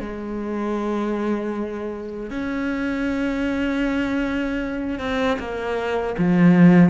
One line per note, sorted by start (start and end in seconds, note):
0.00 2.30 G#3
2.30 4.99 C#4
4.99 5.38 C4
5.39 6.16 A#3
6.18 6.90 F3